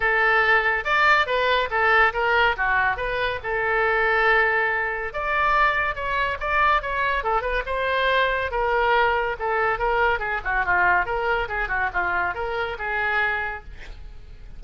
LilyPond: \new Staff \with { instrumentName = "oboe" } { \time 4/4 \tempo 4 = 141 a'2 d''4 b'4 | a'4 ais'4 fis'4 b'4 | a'1 | d''2 cis''4 d''4 |
cis''4 a'8 b'8 c''2 | ais'2 a'4 ais'4 | gis'8 fis'8 f'4 ais'4 gis'8 fis'8 | f'4 ais'4 gis'2 | }